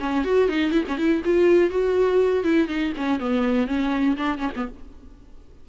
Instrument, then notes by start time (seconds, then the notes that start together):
viola
0.00 C#4
0.25 F#4
0.49 D#4
0.72 E4
0.88 C#4
0.98 E4
1.25 F4
1.70 F#4
2.44 E4
2.68 D#4
2.97 C#4
3.20 B3
3.68 C#4
4.17 D4
4.38 C#4
4.56 B3